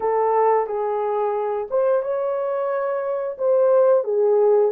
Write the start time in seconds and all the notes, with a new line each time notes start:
0.00 A4
0.66 G#4
1.70 C5
2.02 C#5
3.38 C5
4.04 G#4